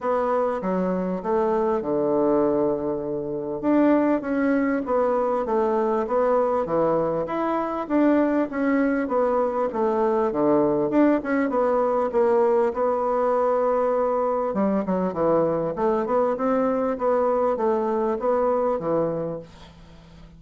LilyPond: \new Staff \with { instrumentName = "bassoon" } { \time 4/4 \tempo 4 = 99 b4 fis4 a4 d4~ | d2 d'4 cis'4 | b4 a4 b4 e4 | e'4 d'4 cis'4 b4 |
a4 d4 d'8 cis'8 b4 | ais4 b2. | g8 fis8 e4 a8 b8 c'4 | b4 a4 b4 e4 | }